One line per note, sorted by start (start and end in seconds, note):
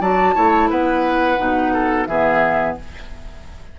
0.00 0.34 F#3
0.00 0.34 F#4
0.00 0.34 D5
0.00 0.69 A5
0.34 0.69 A3
0.34 1.37 E4
0.34 0.69 C#5
0.69 1.38 B3
0.69 1.73 B4
0.69 2.05 F#5
1.37 2.07 B2
1.37 2.06 D#4
1.73 2.07 A4
2.05 2.76 E3
2.05 2.79 B3
2.05 2.77 G#4
2.05 2.74 E5